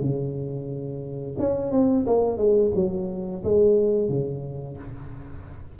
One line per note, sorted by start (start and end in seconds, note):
0.00 1.36 C#3
1.39 1.71 C#4
1.71 2.05 C4
2.07 2.37 A#3
2.37 2.71 G#3
2.75 3.43 F#3
3.44 4.09 G#3
4.09 4.77 C#3